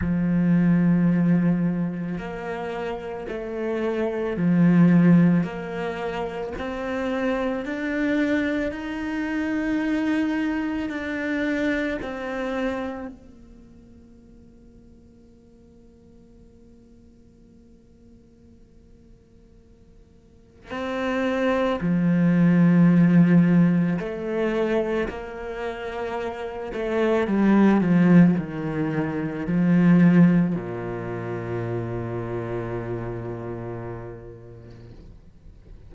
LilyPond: \new Staff \with { instrumentName = "cello" } { \time 4/4 \tempo 4 = 55 f2 ais4 a4 | f4 ais4 c'4 d'4 | dis'2 d'4 c'4 | ais1~ |
ais2. c'4 | f2 a4 ais4~ | ais8 a8 g8 f8 dis4 f4 | ais,1 | }